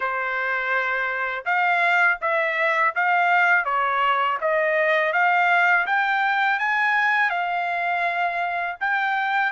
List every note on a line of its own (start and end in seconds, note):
0.00 1.44 C5
1.45 2.18 F5
2.21 2.94 E5
2.95 3.64 F5
3.64 4.37 C#5
4.40 5.13 D#5
5.13 5.86 F5
5.86 6.59 G5
6.59 7.29 G#5
7.29 8.76 F5
8.80 9.52 G5